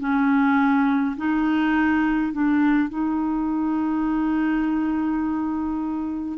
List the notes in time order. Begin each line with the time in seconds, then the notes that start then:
0.00 C#4
1.17 D#4
2.33 D4
2.89 D#4